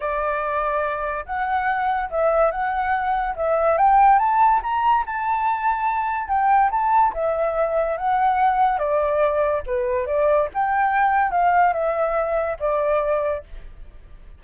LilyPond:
\new Staff \with { instrumentName = "flute" } { \time 4/4 \tempo 4 = 143 d''2. fis''4~ | fis''4 e''4 fis''2 | e''4 g''4 a''4 ais''4 | a''2. g''4 |
a''4 e''2 fis''4~ | fis''4 d''2 b'4 | d''4 g''2 f''4 | e''2 d''2 | }